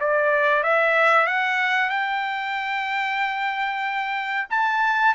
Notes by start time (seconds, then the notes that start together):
0.00 D5
0.63 E5
1.26 F#5
1.89 G5
4.50 A5